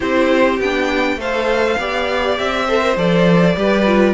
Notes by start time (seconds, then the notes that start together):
0.00 C4 E4 G4 C5
0.59 B3 D4 G5
1.16 A3 A4 C5 F5
1.78 B3 G4 D5
2.37 C4 E5
2.66 A4 C5
2.81 A#4
2.96 F3 A4 D5
3.56 G3 G4 B4
3.86 F4